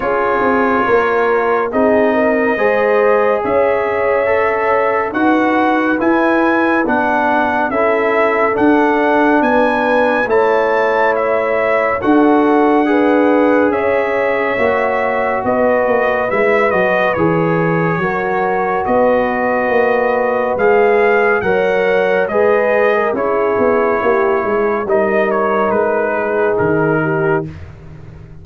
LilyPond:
<<
  \new Staff \with { instrumentName = "trumpet" } { \time 4/4 \tempo 4 = 70 cis''2 dis''2 | e''2 fis''4 gis''4 | fis''4 e''4 fis''4 gis''4 | a''4 e''4 fis''2 |
e''2 dis''4 e''8 dis''8 | cis''2 dis''2 | f''4 fis''4 dis''4 cis''4~ | cis''4 dis''8 cis''8 b'4 ais'4 | }
  \new Staff \with { instrumentName = "horn" } { \time 4/4 gis'4 ais'4 gis'8 ais'8 c''4 | cis''2 b'2~ | b'4 a'2 b'4 | cis''2 a'4 b'4 |
cis''2 b'2~ | b'4 ais'4 b'2~ | b'4 cis''4 b'8. ais'16 gis'4 | g'8 gis'8 ais'4. gis'4 g'8 | }
  \new Staff \with { instrumentName = "trombone" } { \time 4/4 f'2 dis'4 gis'4~ | gis'4 a'4 fis'4 e'4 | d'4 e'4 d'2 | e'2 fis'4 gis'4~ |
gis'4 fis'2 e'8 fis'8 | gis'4 fis'2. | gis'4 ais'4 gis'4 e'4~ | e'4 dis'2. | }
  \new Staff \with { instrumentName = "tuba" } { \time 4/4 cis'8 c'8 ais4 c'4 gis4 | cis'2 dis'4 e'4 | b4 cis'4 d'4 b4 | a2 d'2 |
cis'4 ais4 b8 ais8 gis8 fis8 | e4 fis4 b4 ais4 | gis4 fis4 gis4 cis'8 b8 | ais8 gis8 g4 gis4 dis4 | }
>>